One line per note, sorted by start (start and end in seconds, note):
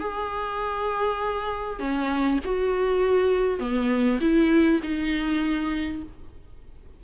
0.00 1.79 G#4
1.79 2.39 C#4
2.45 3.60 F#4
3.60 4.20 B3
4.21 4.81 E4
4.83 6.03 D#4